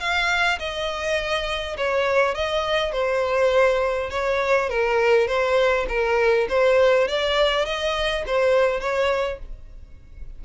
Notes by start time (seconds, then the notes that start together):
0.00 F5
0.59 D#5
1.77 C#5
2.35 D#5
2.93 C5
4.11 C#5
4.70 A#4
5.28 C5
5.89 A#4
6.49 C5
7.08 D5
7.66 D#5
8.27 C5
8.80 C#5